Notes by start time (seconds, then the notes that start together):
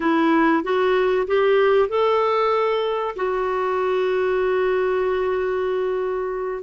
0.00 E4
0.63 F#4
1.27 G4
1.88 A4
3.16 F#4